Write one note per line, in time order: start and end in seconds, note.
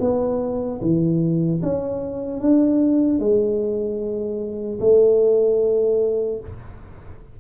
0.00 0.80 B3
0.81 1.61 E3
1.63 2.40 C#4
2.40 3.19 D4
3.19 4.79 G#3
4.80 6.40 A3